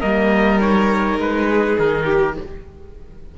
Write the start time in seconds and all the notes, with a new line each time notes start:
0.00 G3 A#3 A#4 D#5
0.60 D#4 C#5
1.18 G#3 B4
1.50 G#4
1.78 D#3 A#4
2.05 G4